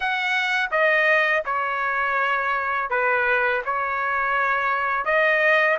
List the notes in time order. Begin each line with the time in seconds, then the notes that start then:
0.00 F#5
0.71 D#5
1.45 C#5
2.89 B4
3.65 C#5
5.05 D#5